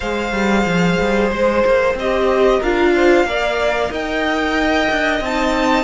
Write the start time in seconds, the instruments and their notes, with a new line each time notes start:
0.00 cello G#3, viola G#4, violin C5 F5
0.32 cello G3
0.65 cello F3
0.99 cello G3
1.30 cello G#3, violin C5
1.65 cello A#3
1.94 cello C4, viola G4, violin D#5
2.58 cello D4, viola F4, violin A#4 F5
2.94 violin C5
3.24 cello A#3, viola A#4, violin D5
3.90 cello D#4, violin D#5 G5
4.90 cello D4
5.20 cello C4, violin A5
5.26 viola D#4